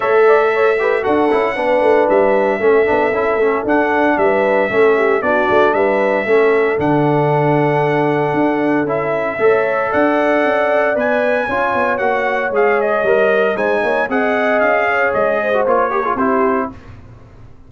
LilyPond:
<<
  \new Staff \with { instrumentName = "trumpet" } { \time 4/4 \tempo 4 = 115 e''2 fis''2 | e''2. fis''4 | e''2 d''4 e''4~ | e''4 fis''2.~ |
fis''4 e''2 fis''4~ | fis''4 gis''2 fis''4 | f''8 dis''4. gis''4 fis''4 | f''4 dis''4 cis''4 c''4 | }
  \new Staff \with { instrumentName = "horn" } { \time 4/4 cis''8 d''8 cis''8 b'8 a'4 b'4~ | b'4 a'2. | b'4 a'8 g'8 fis'4 b'4 | a'1~ |
a'2 cis''4 d''4~ | d''2 cis''2~ | cis''2 c''8 cis''8 dis''4~ | dis''8 cis''4 c''4 ais'16 gis'16 g'4 | }
  \new Staff \with { instrumentName = "trombone" } { \time 4/4 a'4. g'8 fis'8 e'8 d'4~ | d'4 cis'8 d'8 e'8 cis'8 d'4~ | d'4 cis'4 d'2 | cis'4 d'2.~ |
d'4 e'4 a'2~ | a'4 b'4 f'4 fis'4 | gis'4 ais'4 dis'4 gis'4~ | gis'4.~ gis'16 fis'16 f'8 g'16 f'16 e'4 | }
  \new Staff \with { instrumentName = "tuba" } { \time 4/4 a2 d'8 cis'8 b8 a8 | g4 a8 b8 cis'8 a8 d'4 | g4 a4 b8 a8 g4 | a4 d2. |
d'4 cis'4 a4 d'4 | cis'4 b4 cis'8 b8 ais4 | gis4 g4 gis8 ais8 c'4 | cis'4 gis4 ais4 c'4 | }
>>